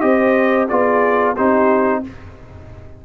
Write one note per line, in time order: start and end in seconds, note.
0.00 0.69 C4
0.00 0.67 G4
0.00 0.68 C5
0.00 0.67 D#5
0.68 1.37 B3
0.68 1.36 F4
0.68 1.35 G#4
0.68 1.35 D5
1.35 2.05 C4
1.35 2.04 D#4
1.35 2.01 G4
1.35 2.03 C5